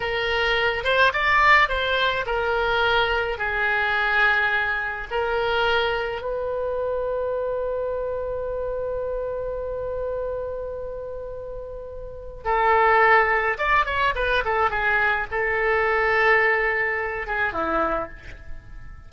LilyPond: \new Staff \with { instrumentName = "oboe" } { \time 4/4 \tempo 4 = 106 ais'4. c''8 d''4 c''4 | ais'2 gis'2~ | gis'4 ais'2 b'4~ | b'1~ |
b'1~ | b'2 a'2 | d''8 cis''8 b'8 a'8 gis'4 a'4~ | a'2~ a'8 gis'8 e'4 | }